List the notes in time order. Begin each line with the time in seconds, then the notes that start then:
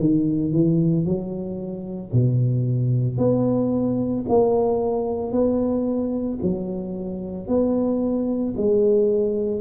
0.00 D#3
0.53 E3
1.06 F#3
2.13 B2
3.18 B3
4.29 A#3
5.32 B3
6.42 F#3
7.48 B3
8.57 G#3